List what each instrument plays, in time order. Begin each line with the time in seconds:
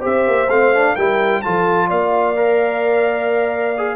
0.00 tuba C4, trombone G4, horn C5, trumpet E5
0.27 tuba A#3
0.49 tuba A3, trombone C4, trumpet F5
0.74 trombone D4
0.96 tuba G3, trombone E4, horn A#4, trumpet G5
1.42 tuba F3, trombone F4, horn A4, trumpet A5
1.87 tuba A#3, horn D5, trumpet F5
2.36 trombone A#4
3.77 trombone G#4